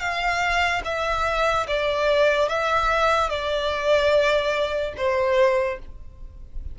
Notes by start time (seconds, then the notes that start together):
0.00 F5
0.84 E5
1.67 D5
2.49 E5
3.29 D5
4.97 C5